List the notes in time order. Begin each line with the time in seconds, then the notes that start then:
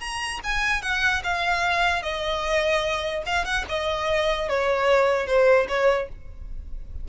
0.00 A#5
0.44 G#5
0.82 F#5
1.24 F5
2.03 D#5
3.26 F5
3.45 F#5
3.69 D#5
4.49 C#5
5.27 C5
5.69 C#5